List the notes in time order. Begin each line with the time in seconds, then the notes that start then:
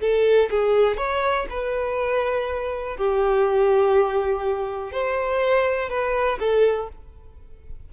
0.00 A4
0.50 G#4
0.97 C#5
1.50 B4
2.97 G4
4.92 C5
5.89 B4
6.39 A4